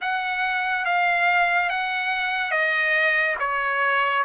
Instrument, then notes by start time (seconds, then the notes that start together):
trumpet
0.01 F#5
0.85 F5
1.69 F#5
2.51 D#5
3.39 C#5